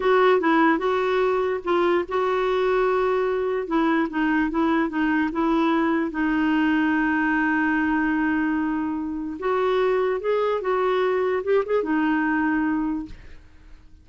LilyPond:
\new Staff \with { instrumentName = "clarinet" } { \time 4/4 \tempo 4 = 147 fis'4 e'4 fis'2 | f'4 fis'2.~ | fis'4 e'4 dis'4 e'4 | dis'4 e'2 dis'4~ |
dis'1~ | dis'2. fis'4~ | fis'4 gis'4 fis'2 | g'8 gis'8 dis'2. | }